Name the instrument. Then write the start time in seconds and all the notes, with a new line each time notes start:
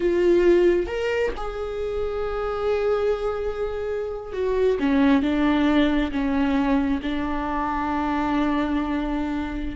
viola
0.00 F4
0.87 A#4
1.36 G#4
4.33 F#4
4.79 C#4
5.22 D4
6.11 C#4
7.02 D4